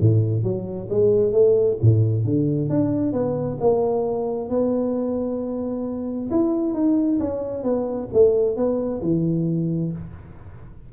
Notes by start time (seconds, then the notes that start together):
0.00 A2
0.43 F#3
0.90 G#3
1.32 A3
1.82 A2
2.25 D3
2.69 D4
3.13 B3
3.60 A#3
4.49 B3
6.30 E4
6.74 D#4
7.20 C#4
7.63 B3
8.13 A3
8.56 B3
9.02 E3